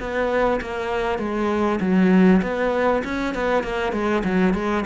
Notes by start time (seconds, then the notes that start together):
0.00 B3
0.61 A#3
1.19 G#3
1.81 F#3
2.42 B3
3.05 C#4
3.35 B3
3.64 A#3
3.93 G#3
4.25 F#3
4.54 G#3